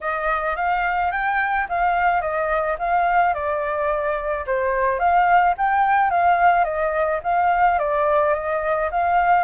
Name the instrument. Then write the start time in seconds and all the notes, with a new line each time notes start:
flute
0.00 D#5
0.56 F5
1.11 G5
1.68 F5
2.21 D#5
2.78 F5
3.34 D5
4.46 C5
4.98 F5
5.57 G5
6.10 F5
6.64 D#5
7.23 F5
7.79 D5
8.34 D#5
8.91 F5